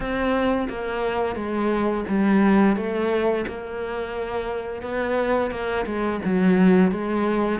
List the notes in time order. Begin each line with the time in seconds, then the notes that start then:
0.00 C4
0.69 A#3
1.35 G#3
2.08 G3
2.76 A3
3.47 A#3
4.82 B3
5.50 A#3
5.86 G#3
6.24 F#3
6.91 G#3